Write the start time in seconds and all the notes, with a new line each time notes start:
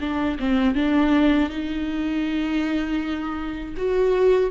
0.00 D4
0.39 C4
0.75 D4
1.49 D#4
3.77 F#4